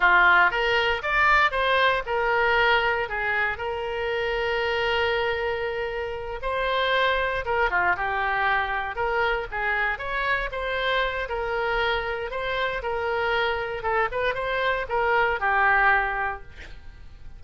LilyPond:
\new Staff \with { instrumentName = "oboe" } { \time 4/4 \tempo 4 = 117 f'4 ais'4 d''4 c''4 | ais'2 gis'4 ais'4~ | ais'1~ | ais'8 c''2 ais'8 f'8 g'8~ |
g'4. ais'4 gis'4 cis''8~ | cis''8 c''4. ais'2 | c''4 ais'2 a'8 b'8 | c''4 ais'4 g'2 | }